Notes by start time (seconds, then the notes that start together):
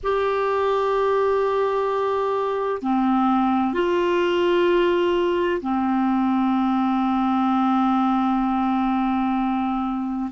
0.03 G4
2.82 C4
3.73 F4
5.61 C4